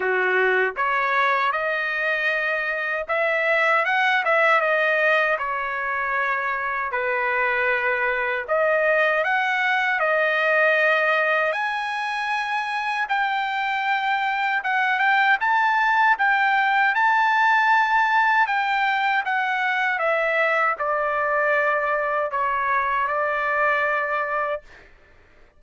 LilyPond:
\new Staff \with { instrumentName = "trumpet" } { \time 4/4 \tempo 4 = 78 fis'4 cis''4 dis''2 | e''4 fis''8 e''8 dis''4 cis''4~ | cis''4 b'2 dis''4 | fis''4 dis''2 gis''4~ |
gis''4 g''2 fis''8 g''8 | a''4 g''4 a''2 | g''4 fis''4 e''4 d''4~ | d''4 cis''4 d''2 | }